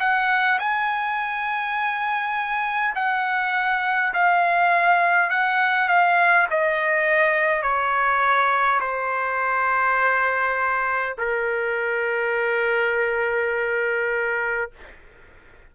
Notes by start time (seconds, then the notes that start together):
0.00 F#5
0.59 G#5
2.95 F#5
4.13 F5
5.30 F#5
5.89 F5
6.51 D#5
7.63 C#5
8.80 C5
11.18 A#4